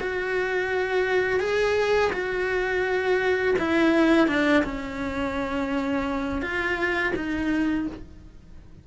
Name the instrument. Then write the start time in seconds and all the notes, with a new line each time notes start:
cello
0.00 F#4
1.40 G#4
2.13 F#4
3.58 E4
4.28 D4
4.64 C#4
6.42 F4
7.16 D#4